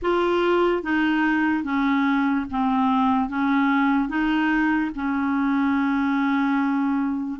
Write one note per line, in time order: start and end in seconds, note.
0.01 0.82 F4
0.82 1.63 D#4
1.63 2.45 C#4
2.50 3.29 C4
3.29 4.08 C#4
4.08 4.91 D#4
4.95 7.40 C#4